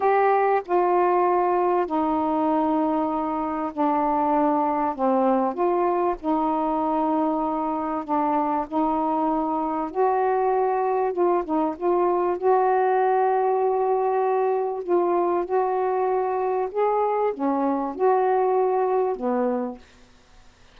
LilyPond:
\new Staff \with { instrumentName = "saxophone" } { \time 4/4 \tempo 4 = 97 g'4 f'2 dis'4~ | dis'2 d'2 | c'4 f'4 dis'2~ | dis'4 d'4 dis'2 |
fis'2 f'8 dis'8 f'4 | fis'1 | f'4 fis'2 gis'4 | cis'4 fis'2 b4 | }